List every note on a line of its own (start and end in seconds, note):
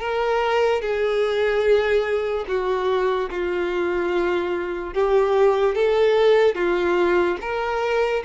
0.00 0.81 A#4
0.81 2.46 G#4
2.48 3.30 F#4
3.30 4.94 F4
4.94 5.75 G4
5.75 6.55 A4
6.55 7.37 F4
7.41 8.23 A#4